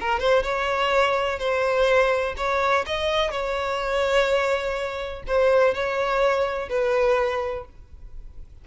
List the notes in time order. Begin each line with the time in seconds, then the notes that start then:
0.00 A#4
0.19 C5
0.43 C#5
1.39 C5
2.37 C#5
2.86 D#5
3.31 C#5
5.27 C5
5.74 C#5
6.69 B4